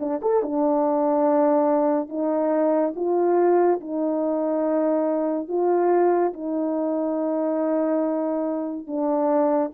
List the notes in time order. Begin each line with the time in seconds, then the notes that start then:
0.00 D4
0.22 A4
0.43 D4
2.09 D#4
2.96 F4
3.81 D#4
5.49 F4
6.34 D#4
8.87 D4